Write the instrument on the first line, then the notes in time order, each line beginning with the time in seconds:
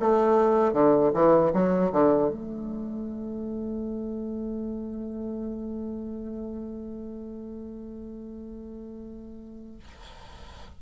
bassoon
0.00 A3
0.73 D3
1.14 E3
1.53 F#3
1.92 D3
2.29 A3